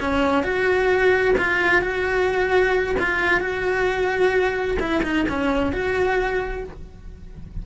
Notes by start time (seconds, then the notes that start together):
0.00 C#4
0.43 F#4
1.38 F4
1.82 F#4
2.99 F4
3.40 F#4
4.79 E4
5.03 D#4
5.29 C#4
5.73 F#4